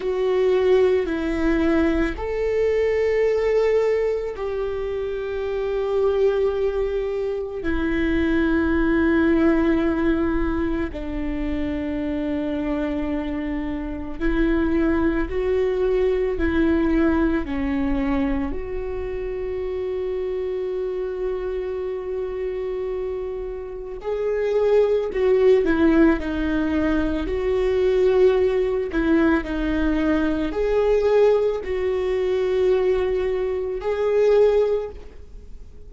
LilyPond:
\new Staff \with { instrumentName = "viola" } { \time 4/4 \tempo 4 = 55 fis'4 e'4 a'2 | g'2. e'4~ | e'2 d'2~ | d'4 e'4 fis'4 e'4 |
cis'4 fis'2.~ | fis'2 gis'4 fis'8 e'8 | dis'4 fis'4. e'8 dis'4 | gis'4 fis'2 gis'4 | }